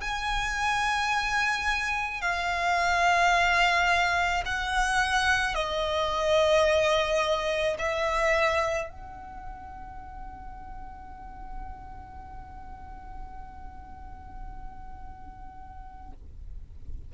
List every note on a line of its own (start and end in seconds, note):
0.00 2.21 G#5
2.21 4.43 F5
4.45 5.54 F#5
5.54 7.76 D#5
7.78 8.89 E5
8.89 16.12 F#5